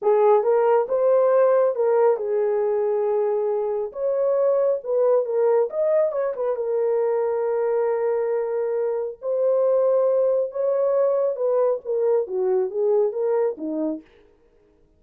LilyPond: \new Staff \with { instrumentName = "horn" } { \time 4/4 \tempo 4 = 137 gis'4 ais'4 c''2 | ais'4 gis'2.~ | gis'4 cis''2 b'4 | ais'4 dis''4 cis''8 b'8 ais'4~ |
ais'1~ | ais'4 c''2. | cis''2 b'4 ais'4 | fis'4 gis'4 ais'4 dis'4 | }